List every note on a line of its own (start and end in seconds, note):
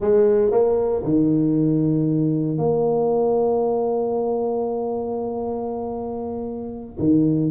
0.00 0.51 G#3
0.51 1.03 A#3
1.03 2.58 D#3
2.58 6.97 A#3
6.99 7.50 D#3